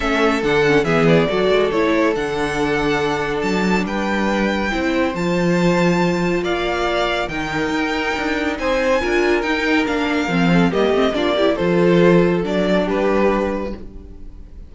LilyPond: <<
  \new Staff \with { instrumentName = "violin" } { \time 4/4 \tempo 4 = 140 e''4 fis''4 e''8 d''4. | cis''4 fis''2. | a''4 g''2. | a''2. f''4~ |
f''4 g''2. | gis''2 g''4 f''4~ | f''4 dis''4 d''4 c''4~ | c''4 d''4 b'2 | }
  \new Staff \with { instrumentName = "violin" } { \time 4/4 a'2 gis'4 a'4~ | a'1~ | a'4 b'2 c''4~ | c''2. d''4~ |
d''4 ais'2. | c''4 ais'2.~ | ais'8 a'8 g'4 f'8 g'8 a'4~ | a'2 g'2 | }
  \new Staff \with { instrumentName = "viola" } { \time 4/4 cis'4 d'8 cis'8 b4 fis'4 | e'4 d'2.~ | d'2. e'4 | f'1~ |
f'4 dis'2.~ | dis'4 f'4 dis'4 d'4 | c'4 ais8 c'8 d'8 e'8 f'4~ | f'4 d'2. | }
  \new Staff \with { instrumentName = "cello" } { \time 4/4 a4 d4 e4 fis8 gis8 | a4 d2. | fis4 g2 c'4 | f2. ais4~ |
ais4 dis4 dis'4 d'4 | c'4 d'4 dis'4 ais4 | f4 g8 a8 ais4 f4~ | f4 fis4 g2 | }
>>